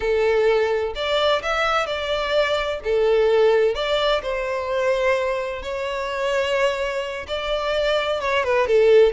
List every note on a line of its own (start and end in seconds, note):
0.00 0.94 A4
0.95 1.42 D5
1.42 1.86 E5
1.86 2.80 D5
2.84 3.74 A4
3.74 4.21 D5
4.22 5.62 C5
5.62 7.26 C#5
7.27 8.21 D5
8.21 8.43 C#5
8.43 8.67 B4
8.67 9.12 A4